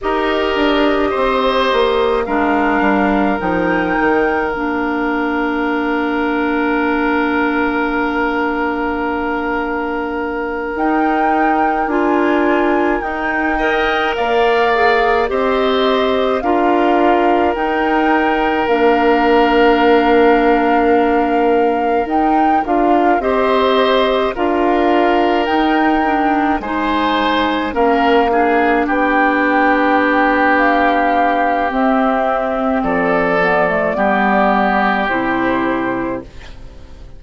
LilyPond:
<<
  \new Staff \with { instrumentName = "flute" } { \time 4/4 \tempo 4 = 53 dis''2 f''4 g''4 | f''1~ | f''4. g''4 gis''4 g''8~ | g''8 f''4 dis''4 f''4 g''8~ |
g''8 f''2. g''8 | f''8 dis''4 f''4 g''4 gis''8~ | gis''8 f''4 g''4. f''4 | e''4 d''2 c''4 | }
  \new Staff \with { instrumentName = "oboe" } { \time 4/4 ais'4 c''4 ais'2~ | ais'1~ | ais'1 | dis''8 d''4 c''4 ais'4.~ |
ais'1~ | ais'8 c''4 ais'2 c''8~ | c''8 ais'8 gis'8 g'2~ g'8~ | g'4 a'4 g'2 | }
  \new Staff \with { instrumentName = "clarinet" } { \time 4/4 g'2 d'4 dis'4 | d'1~ | d'4. dis'4 f'4 dis'8 | ais'4 gis'8 g'4 f'4 dis'8~ |
dis'8 d'2. dis'8 | f'8 g'4 f'4 dis'8 d'8 dis'8~ | dis'8 cis'8 d'2. | c'4. b16 a16 b4 e'4 | }
  \new Staff \with { instrumentName = "bassoon" } { \time 4/4 dis'8 d'8 c'8 ais8 gis8 g8 f8 dis8 | ais1~ | ais4. dis'4 d'4 dis'8~ | dis'8 ais4 c'4 d'4 dis'8~ |
dis'8 ais2. dis'8 | d'8 c'4 d'4 dis'4 gis8~ | gis8 ais4 b2~ b8 | c'4 f4 g4 c4 | }
>>